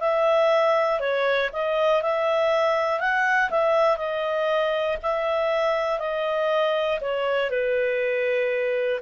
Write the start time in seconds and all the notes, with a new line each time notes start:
0.00 E5
1.00 C#5
1.52 D#5
2.02 E5
3.00 F#5
3.50 E5
3.97 D#5
5.02 E5
5.99 D#5
7.00 C#5
7.50 B4